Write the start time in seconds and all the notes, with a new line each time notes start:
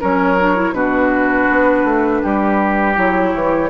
0.00 F#3 C#4 A#4 C#5
0.38 D4
0.55 E4
0.72 B2 D4 F#4 B4
1.49 B3
1.84 A3
2.22 G3 G4
2.95 F#3 E4 C#5
3.34 E3